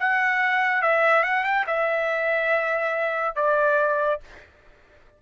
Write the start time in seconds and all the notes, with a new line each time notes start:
0.00 F#5
0.83 E5
1.24 F#5
1.44 G5
1.67 E5
3.36 D5